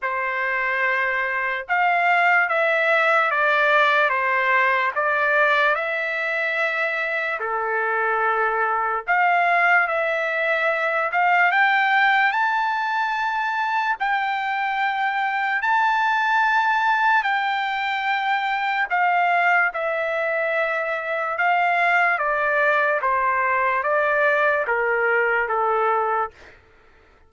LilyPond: \new Staff \with { instrumentName = "trumpet" } { \time 4/4 \tempo 4 = 73 c''2 f''4 e''4 | d''4 c''4 d''4 e''4~ | e''4 a'2 f''4 | e''4. f''8 g''4 a''4~ |
a''4 g''2 a''4~ | a''4 g''2 f''4 | e''2 f''4 d''4 | c''4 d''4 ais'4 a'4 | }